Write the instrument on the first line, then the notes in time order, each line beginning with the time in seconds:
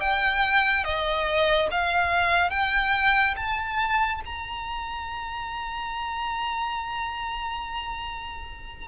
violin
0.00 G5
0.84 D#5
1.71 F5
2.50 G5
3.36 A5
4.25 A#5